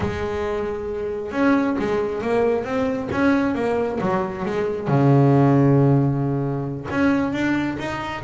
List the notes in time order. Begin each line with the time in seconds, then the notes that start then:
0.00 G#3
1.31 C#4
1.78 G#3
2.21 A#3
2.64 C4
3.11 C#4
3.54 A#3
4.01 F#3
4.45 G#3
4.87 C#3
6.90 C#4
7.32 D4
7.78 D#4